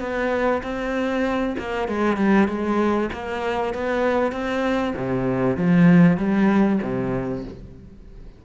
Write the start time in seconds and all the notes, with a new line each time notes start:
0.00 B3
0.63 C4
1.59 A#3
1.88 G#3
2.17 G3
2.48 G#3
3.13 A#3
3.74 B3
4.32 C4
4.96 C3
5.57 F3
6.17 G3
6.82 C3